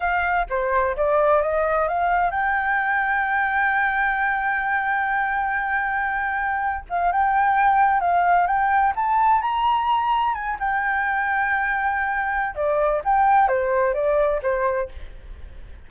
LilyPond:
\new Staff \with { instrumentName = "flute" } { \time 4/4 \tempo 4 = 129 f''4 c''4 d''4 dis''4 | f''4 g''2.~ | g''1~ | g''2~ g''8. f''8 g''8.~ |
g''4~ g''16 f''4 g''4 a''8.~ | a''16 ais''2 gis''8 g''4~ g''16~ | g''2. d''4 | g''4 c''4 d''4 c''4 | }